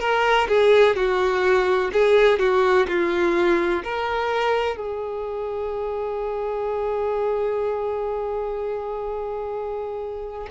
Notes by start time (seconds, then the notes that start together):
0.00 A#4
0.48 G#4
0.96 F#4
1.93 G#4
2.39 F#4
2.88 F4
3.84 A#4
4.77 G#4